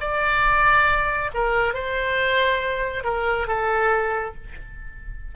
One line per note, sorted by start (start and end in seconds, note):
0.00 1.30 D5
1.34 1.74 A#4
1.74 3.04 C5
3.04 3.47 A#4
3.47 4.34 A4